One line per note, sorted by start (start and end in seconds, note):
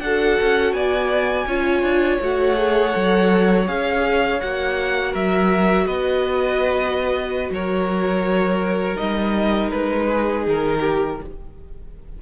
0.00 0.37 D4
0.00 1.48 F#4
0.00 0.75 A4
0.00 0.73 F#5
0.41 0.73 C#4
0.73 1.46 B3
0.73 1.48 D5
0.73 2.19 G#5
1.46 1.83 C#4
1.46 2.21 F4
1.46 5.12 C#5
1.83 2.19 D4
2.21 2.94 A3
2.21 2.56 F#4
2.21 3.68 F#5
2.56 2.91 G#4
2.91 3.68 F#3
2.91 3.65 A4
3.67 4.41 C#4
3.67 4.40 G#4
3.67 4.41 F5
4.41 5.15 A#3
4.41 8.96 F#4
4.41 5.14 F#5
5.12 5.87 F#3
5.12 5.85 A#4
5.12 5.87 E5
5.87 7.50 B3
5.87 7.51 B4
5.87 7.52 D#5
7.50 8.96 F#3
7.50 10.06 A#4
7.50 8.97 C#5
8.96 9.73 G3
8.96 11.15 D#4
8.96 9.70 D#5
9.71 10.47 G#3
9.71 10.44 B4
10.06 10.79 G#4
10.47 11.20 D#3
10.47 11.22 A#4
10.80 11.17 G4